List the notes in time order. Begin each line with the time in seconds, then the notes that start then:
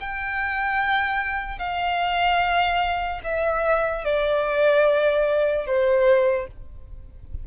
0.00 G5
1.58 F5
3.24 E5
4.04 D5
5.66 C5